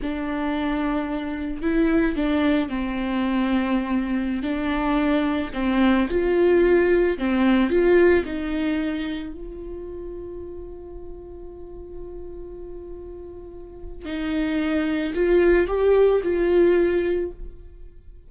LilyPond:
\new Staff \with { instrumentName = "viola" } { \time 4/4 \tempo 4 = 111 d'2. e'4 | d'4 c'2.~ | c'16 d'2 c'4 f'8.~ | f'4~ f'16 c'4 f'4 dis'8.~ |
dis'4~ dis'16 f'2~ f'8.~ | f'1~ | f'2 dis'2 | f'4 g'4 f'2 | }